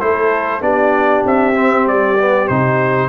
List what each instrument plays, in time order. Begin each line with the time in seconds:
0.00 tuba A3, trombone E4, horn A4, trumpet C5
0.62 tuba B3, trombone D4, horn G4, trumpet D5
1.26 tuba C4, trumpet E5
1.57 trombone C4
1.87 tuba G3, trumpet D5
2.19 trombone B3
2.48 tuba C3, trombone D#4, trumpet C5